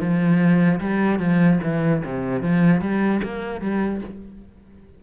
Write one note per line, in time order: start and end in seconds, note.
0.00 0.80 F3
0.81 1.20 G3
1.20 1.60 F3
1.64 2.04 E3
2.05 2.43 C3
2.43 2.81 F3
2.81 3.21 G3
3.24 3.61 A#3
3.61 4.01 G3